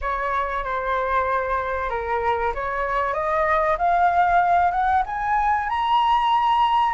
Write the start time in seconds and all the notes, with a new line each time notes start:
0.01 C#5
0.63 C5
1.89 A#4
2.54 C#5
3.13 D#5
3.78 F5
4.71 F#5
5.06 G#5
5.69 A#5